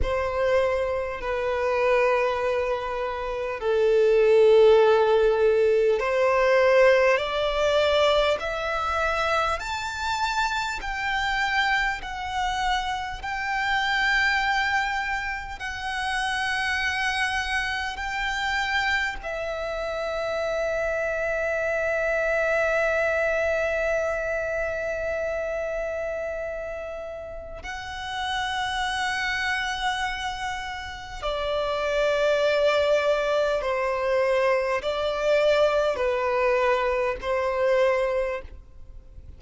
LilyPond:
\new Staff \with { instrumentName = "violin" } { \time 4/4 \tempo 4 = 50 c''4 b'2 a'4~ | a'4 c''4 d''4 e''4 | a''4 g''4 fis''4 g''4~ | g''4 fis''2 g''4 |
e''1~ | e''2. fis''4~ | fis''2 d''2 | c''4 d''4 b'4 c''4 | }